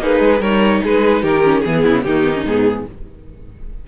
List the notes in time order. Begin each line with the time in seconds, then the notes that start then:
0.00 A#3 D#4 G#4 B4
0.20 G#3
0.40 G3 D#4 A#4 C#5
0.83 G#3 G#4 B4
1.22 D#3 G4 A#4
1.44 C#4
1.61 E3 B3 G#4
1.84 C#3 E4
2.03 D#3 A#3 D#4 G4
2.24 B3
2.34 C#4
2.45 G#2 B3 G#4